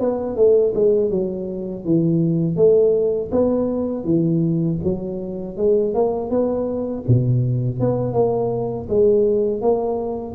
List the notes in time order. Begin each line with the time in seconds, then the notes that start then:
0.00 B3
0.36 A3
0.74 G#3
1.10 F#3
1.85 E3
2.56 A3
3.32 B3
4.04 E3
4.84 F#3
5.57 G#3
5.94 A#3
6.30 B3
7.08 B2
7.80 B3
8.13 A#3
8.89 G#3
9.62 A#3